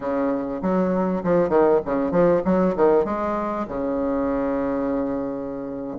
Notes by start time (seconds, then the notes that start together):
0.00 C#3
0.62 F#3
1.23 F3
1.49 D#3
1.85 C#3
2.11 F3
2.44 F#3
2.76 D#3
3.04 G#3
3.68 C#3